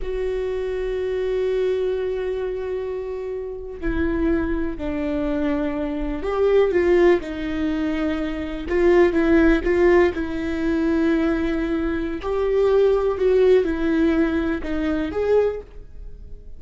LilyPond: \new Staff \with { instrumentName = "viola" } { \time 4/4 \tempo 4 = 123 fis'1~ | fis'2.~ fis'8. e'16~ | e'4.~ e'16 d'2~ d'16~ | d'8. g'4 f'4 dis'4~ dis'16~ |
dis'4.~ dis'16 f'4 e'4 f'16~ | f'8. e'2.~ e'16~ | e'4 g'2 fis'4 | e'2 dis'4 gis'4 | }